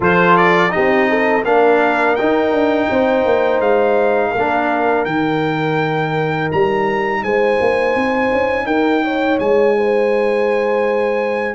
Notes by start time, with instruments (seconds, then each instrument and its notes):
0.00 tuba F3, trombone F4, horn A4, trumpet C5
0.37 trumpet D5
0.70 trombone D#4, horn G4, trumpet D#5
0.76 tuba C4
1.08 horn A4
1.44 tuba A#3, trombone D4, horn A#4, trumpet F5
2.15 trombone D#4, tuba D#4, trumpet G5
2.51 tuba D4
2.90 tuba C4, horn C5
3.25 tuba A#3
3.60 tuba G#3, trumpet F5
4.31 tuba A#3, horn A#4
4.38 trombone D4
5.04 tuba D#3, trombone D#4, trumpet G5
6.51 tuba G3, trumpet A#5
7.22 tuba G#3, horn C5, trumpet G#5
7.60 tuba A#3
7.95 tuba C4
8.31 tuba C#4
8.66 tuba D#4, horn A#4, trumpet G5
9.04 horn C#5
9.39 tuba G#3, trumpet G#5
9.77 horn C5